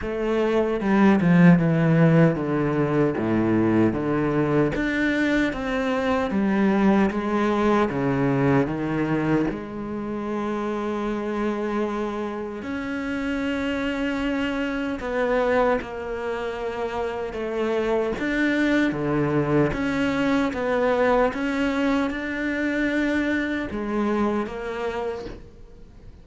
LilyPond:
\new Staff \with { instrumentName = "cello" } { \time 4/4 \tempo 4 = 76 a4 g8 f8 e4 d4 | a,4 d4 d'4 c'4 | g4 gis4 cis4 dis4 | gis1 |
cis'2. b4 | ais2 a4 d'4 | d4 cis'4 b4 cis'4 | d'2 gis4 ais4 | }